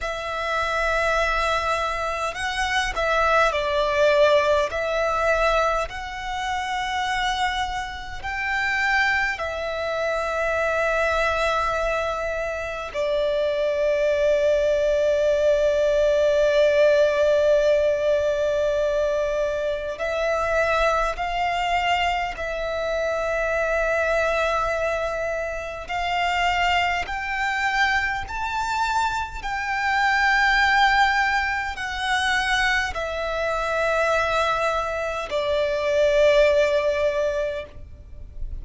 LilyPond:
\new Staff \with { instrumentName = "violin" } { \time 4/4 \tempo 4 = 51 e''2 fis''8 e''8 d''4 | e''4 fis''2 g''4 | e''2. d''4~ | d''1~ |
d''4 e''4 f''4 e''4~ | e''2 f''4 g''4 | a''4 g''2 fis''4 | e''2 d''2 | }